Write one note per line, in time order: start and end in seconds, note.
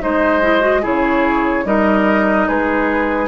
0.00 0.85 G#3
0.00 0.41 D#4
0.00 0.82 C5
0.00 0.84 D#5
0.42 0.60 E4
0.60 0.81 F#4
0.82 1.65 C#3
0.82 1.65 E4
0.82 1.64 G#4
0.82 1.67 C#5
1.65 2.47 G3
1.65 3.28 D#4
1.65 2.48 A#4
1.65 2.48 D#5
2.48 3.28 G#3
2.48 3.28 G#4
2.48 3.28 B4